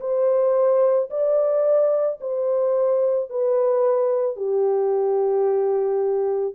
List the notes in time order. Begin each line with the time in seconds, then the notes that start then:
0.00 C5
1.10 D5
2.21 C5
3.30 B4
4.36 G4